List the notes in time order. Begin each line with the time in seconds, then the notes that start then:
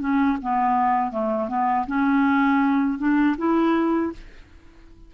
0.00 C#4
0.42 B3
1.11 A3
1.49 B3
1.87 C#4
2.99 D4
3.38 E4